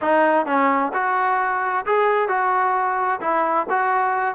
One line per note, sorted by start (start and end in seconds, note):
0.01 0.46 D#4
0.46 0.92 C#4
0.93 1.85 F#4
1.85 2.28 G#4
2.28 3.20 F#4
3.20 3.66 E4
3.69 4.35 F#4